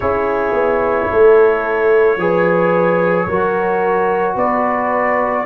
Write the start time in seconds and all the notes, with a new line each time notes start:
0.00 C#4 E4 G#4 C#5
0.52 B3
1.10 A3 A4
2.17 F3 G#4 B4
3.26 F#3 F#4 A#4
4.35 B3 B4 D5